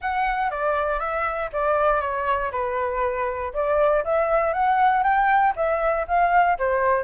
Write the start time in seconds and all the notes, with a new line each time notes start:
0.01 F#5
0.50 D5
0.99 E5
1.52 D5
2.00 C#5
2.51 B4
3.53 D5
4.04 E5
4.53 F#5
5.03 G5
5.56 E5
6.07 F5
6.58 C5